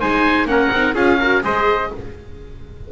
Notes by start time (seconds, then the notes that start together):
0.00 G#3 D#4 C5 G#5
0.45 A#3 C#4 A#4 F#5
0.71 C4 D#4
0.94 C#4 F4 G#4 F5
1.19 F#4 A#4
1.42 G#3 G#4 C5 D#5